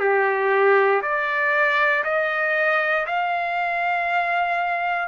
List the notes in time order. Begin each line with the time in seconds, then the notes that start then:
0.00 G4
1.03 D5
2.04 D#5
3.06 F5